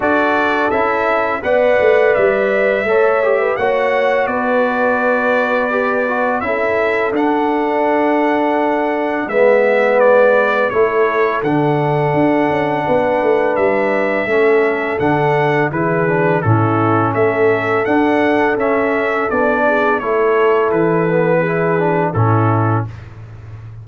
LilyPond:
<<
  \new Staff \with { instrumentName = "trumpet" } { \time 4/4 \tempo 4 = 84 d''4 e''4 fis''4 e''4~ | e''4 fis''4 d''2~ | d''4 e''4 fis''2~ | fis''4 e''4 d''4 cis''4 |
fis''2. e''4~ | e''4 fis''4 b'4 a'4 | e''4 fis''4 e''4 d''4 | cis''4 b'2 a'4 | }
  \new Staff \with { instrumentName = "horn" } { \time 4/4 a'2 d''2 | cis''8. b'16 cis''4 b'2~ | b'4 a'2.~ | a'4 b'2 a'4~ |
a'2 b'2 | a'2 gis'4 e'4 | a'2.~ a'8 gis'8 | a'2 gis'4 e'4 | }
  \new Staff \with { instrumentName = "trombone" } { \time 4/4 fis'4 e'4 b'2 | a'8 g'8 fis'2. | g'8 fis'8 e'4 d'2~ | d'4 b2 e'4 |
d'1 | cis'4 d'4 e'8 d'8 cis'4~ | cis'4 d'4 cis'4 d'4 | e'4. b8 e'8 d'8 cis'4 | }
  \new Staff \with { instrumentName = "tuba" } { \time 4/4 d'4 cis'4 b8 a8 g4 | a4 ais4 b2~ | b4 cis'4 d'2~ | d'4 gis2 a4 |
d4 d'8 cis'8 b8 a8 g4 | a4 d4 e4 a,4 | a4 d'4 cis'4 b4 | a4 e2 a,4 | }
>>